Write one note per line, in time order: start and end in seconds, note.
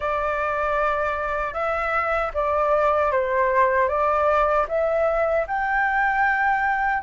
0.00 1.53 D5
1.53 2.31 E5
2.33 3.11 D5
3.11 3.88 C5
3.88 4.66 D5
4.68 5.46 E5
5.47 7.02 G5